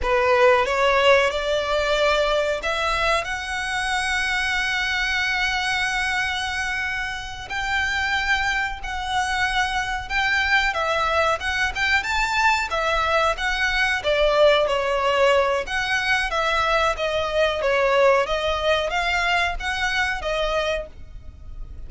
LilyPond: \new Staff \with { instrumentName = "violin" } { \time 4/4 \tempo 4 = 92 b'4 cis''4 d''2 | e''4 fis''2.~ | fis''2.~ fis''8 g''8~ | g''4. fis''2 g''8~ |
g''8 e''4 fis''8 g''8 a''4 e''8~ | e''8 fis''4 d''4 cis''4. | fis''4 e''4 dis''4 cis''4 | dis''4 f''4 fis''4 dis''4 | }